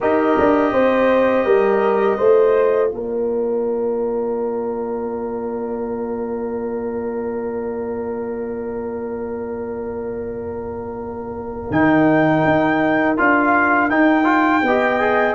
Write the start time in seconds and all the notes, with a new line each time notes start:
0.00 D#4 G4 A#4 D#5
0.38 D4
0.72 C4 C5
1.45 G3 A#4
2.17 A3 F4 C5
2.91 A#3 A#4 D5
11.70 D#3 D#4 G5
12.45 D#4
13.17 D4 F4 F5
13.89 D#4 G5
14.24 F4
14.62 B3 G4 D#5
15.00 G#4